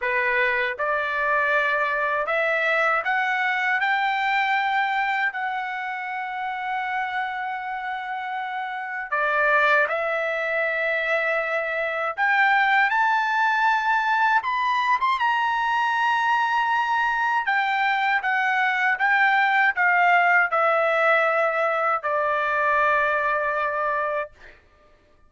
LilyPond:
\new Staff \with { instrumentName = "trumpet" } { \time 4/4 \tempo 4 = 79 b'4 d''2 e''4 | fis''4 g''2 fis''4~ | fis''1 | d''4 e''2. |
g''4 a''2 b''8. c'''16 | ais''2. g''4 | fis''4 g''4 f''4 e''4~ | e''4 d''2. | }